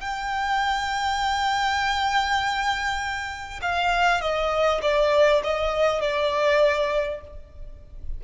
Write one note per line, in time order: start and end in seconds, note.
0.00 3.60 G5
3.62 4.21 F5
4.21 4.81 D#5
4.82 5.42 D5
5.44 6.01 D#5
6.01 7.21 D5